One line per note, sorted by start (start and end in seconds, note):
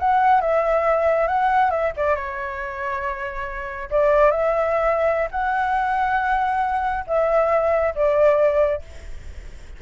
0.00 0.42 F#5
0.42 1.28 E5
1.28 1.71 F#5
1.71 1.93 E5
1.97 2.16 D5
2.16 3.90 C#5
3.91 4.31 D5
4.31 5.29 E5
5.31 7.05 F#5
7.08 7.94 E5
7.95 8.82 D5